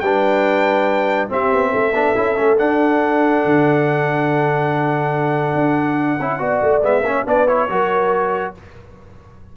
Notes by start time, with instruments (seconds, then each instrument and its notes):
0.00 tuba G3, trombone D4, horn B4, trumpet G5
1.29 trombone C4, tuba C4, horn G4, trumpet E5
1.53 tuba B3
1.70 tuba A3, horn A4
1.93 tuba B3, trombone D4
2.16 tuba C#4, trombone E4
2.36 tuba A3, trombone C#4
2.57 trombone D4, tuba D4, trumpet F#5
3.45 tuba D3
5.55 tuba D4
6.20 tuba C#4, trombone E4
6.39 tuba B3, trombone F#4, horn D5
6.62 tuba A3
6.82 tuba G#3, trombone B3, trumpet E5
7.01 tuba A#3, trombone C#4, horn C#5
7.26 tuba B3, trombone D4, horn B4, trumpet D5
7.48 trombone E4, trumpet C#5
7.69 tuba F#3, trombone F#4, horn A#4